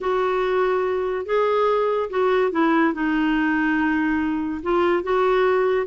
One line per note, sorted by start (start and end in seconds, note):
0.01 1.25 F#4
1.25 2.09 G#4
2.10 2.51 F#4
2.51 2.93 E4
2.93 4.61 D#4
4.62 5.03 F4
5.03 5.86 F#4